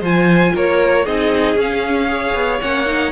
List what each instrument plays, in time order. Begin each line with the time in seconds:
0.00 cello F3, viola F4, violin C5 G#5
0.55 cello A#3, violin A#4 C#5
1.04 cello C4, viola D#4, violin G#4 D#5
1.56 cello C#4, viola C#4, violin F5
2.08 viola G#4, violin C#5
2.34 cello B3
2.61 cello A#3, viola C#4, violin F#5
2.85 viola D#4